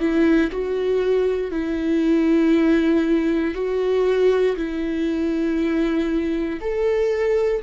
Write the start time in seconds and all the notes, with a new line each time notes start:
0.00 E4
0.51 F#4
1.52 E4
3.55 F#4
4.57 E4
6.61 A4